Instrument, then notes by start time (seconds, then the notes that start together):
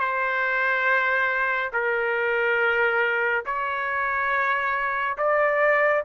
trumpet
0.00 C5
1.73 A#4
3.46 C#5
5.18 D5